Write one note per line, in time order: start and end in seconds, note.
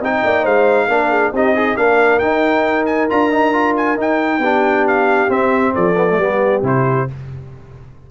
0.00 0.22 C4
0.00 0.89 D#4
0.00 0.23 D#5
0.00 0.45 G5
0.24 0.45 A#3
0.24 0.42 D5
0.42 0.88 G#3
0.42 0.87 C5
0.42 1.33 F5
0.88 1.32 A#3
0.88 1.33 D4
0.88 1.09 A#4
1.09 1.31 G#4
1.32 1.77 C4
1.32 1.55 D#4
1.32 1.54 G4
1.32 1.76 D#5
1.54 1.76 D#4
1.54 1.77 G#4
1.76 2.21 A#3
1.76 2.21 D4
1.76 4.42 A#4
1.76 2.19 F5
2.19 3.09 D#4
2.19 3.10 D#4
2.19 2.85 G5
2.86 3.08 G#5
3.09 3.97 D4
3.09 3.31 F4
3.09 3.76 A#5
3.31 3.53 D#4
3.53 3.97 F4
3.76 3.99 G#5
3.97 4.39 D#4
3.97 4.41 D#4
3.97 4.87 G5
4.39 5.27 B3
4.39 5.28 D4
4.39 5.74 G4
4.87 5.30 F5
5.28 5.95 C4
5.28 5.73 C4
5.28 5.75 E5
5.75 6.17 F3
5.75 6.19 A4
5.75 6.63 D5
5.96 6.07 B3
6.10 6.19 A3
6.17 6.62 G3
6.17 6.64 B3
6.17 7.09 G4
6.62 7.06 C3
6.62 7.08 E4
6.62 7.10 C5